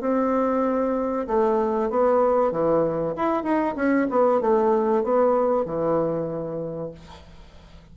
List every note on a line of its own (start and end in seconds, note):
0.00 1.26 C4
1.27 1.89 A3
1.89 2.51 B3
2.51 3.14 E3
3.16 3.43 E4
3.43 3.74 D#4
3.75 4.07 C#4
4.10 4.40 B3
4.40 5.03 A3
5.03 5.65 B3
5.65 6.91 E3